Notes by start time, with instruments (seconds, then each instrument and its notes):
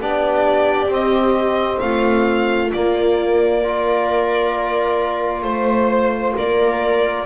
0.00 double bass B3, trombone D4, viola G4, violin D5
0.87 double bass C4, trombone C4, violin D#5
1.79 double bass A3, viola F4, violin F5
2.72 double bass A#3, trombone A#3, violin D5
3.62 trombone F4, viola A#4
5.42 double bass A3, violin C5, viola C5
6.36 double bass A#3, viola A#4, violin D5